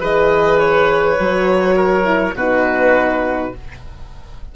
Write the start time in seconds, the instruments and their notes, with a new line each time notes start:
0.00 bassoon E3, horn G#4, oboe B4, violin D#5
0.59 violin C#5
1.19 bassoon F#3, horn F#4
1.76 oboe A#4
2.05 horn E4
2.34 bassoon B2, horn D#4, oboe F#4, violin B4